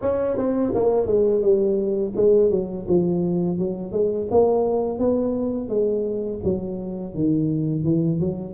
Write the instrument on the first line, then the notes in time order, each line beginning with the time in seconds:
tuba
0.01 C#4
0.37 C4
0.74 A#3
1.06 G#3
1.41 G3
2.16 G#3
2.50 F#3
2.88 F3
3.58 F#3
3.92 G#3
4.31 A#3
4.98 B3
5.68 G#3
6.44 F#3
7.14 D#3
7.84 E3
8.20 F#3